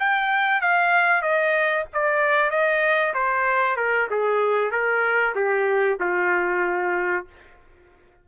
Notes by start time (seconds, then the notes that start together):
0.00 G5
0.61 F5
1.22 D#5
1.93 D5
2.51 D#5
3.14 C5
3.77 A#4
4.11 G#4
4.71 A#4
5.35 G4
6.01 F4